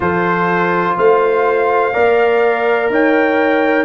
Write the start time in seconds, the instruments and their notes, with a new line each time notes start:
0.00 tuba F3, trombone F4, horn A4, trumpet C5
0.96 tuba A3, horn C5, trumpet F5
1.93 tuba A#3, trombone A#4, horn D5
2.89 tuba D#4, horn C#5, trumpet G5